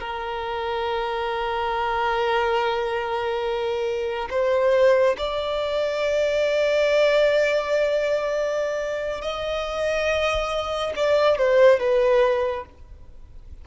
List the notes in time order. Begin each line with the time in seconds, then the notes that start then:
0.00 A#4
4.31 C5
5.18 D5
9.21 D#5
10.96 D5
11.38 C5
11.79 B4